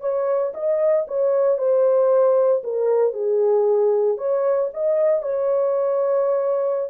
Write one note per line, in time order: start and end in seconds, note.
0.00 0.52 C#5
0.53 1.06 D#5
1.07 1.57 C#5
1.57 2.62 C5
2.63 3.13 A#4
3.13 4.17 G#4
4.17 4.69 C#5
4.73 5.22 D#5
5.22 6.90 C#5